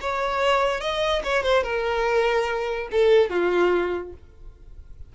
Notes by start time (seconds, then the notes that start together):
0.00 C#5
0.80 D#5
1.23 C#5
1.43 C5
1.63 A#4
2.91 A4
3.30 F4